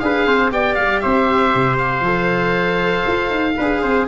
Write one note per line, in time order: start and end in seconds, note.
0.00 0.27 D4
0.00 0.52 G#4
0.00 0.27 B4
0.00 0.51 F5
0.27 0.52 C4
0.27 0.52 C5
0.52 0.77 B3
0.52 2.05 G4
0.52 1.03 D5
0.52 0.75 G5
0.75 1.03 G3
0.75 1.00 F5
1.00 1.55 C4
1.00 3.57 C5
1.00 1.77 E5
1.55 2.01 C3
1.78 4.07 F5
2.01 3.03 F3
2.01 3.57 A4
3.07 3.31 F4
3.31 3.56 D#4
3.57 3.83 D4
3.57 4.09 G#4
3.57 3.82 B4
3.82 4.09 C4
3.82 4.08 C5